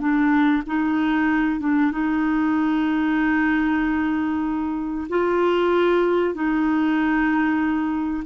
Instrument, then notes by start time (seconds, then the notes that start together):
clarinet
0.00 D4
0.67 D#4
1.60 D4
1.92 D#4
5.10 F4
6.34 D#4